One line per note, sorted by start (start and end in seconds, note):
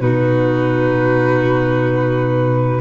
0.00 2.81 B2
0.00 2.81 D#4
0.00 2.81 F#4
0.00 2.81 B4